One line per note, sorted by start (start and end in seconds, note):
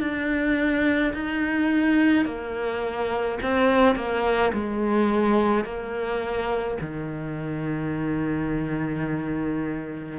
0.00 1.13 D4
1.14 2.25 D#4
2.25 3.39 A#3
3.43 3.96 C4
3.96 4.52 A#3
4.53 5.64 G#3
5.64 6.78 A#3
6.81 10.19 D#3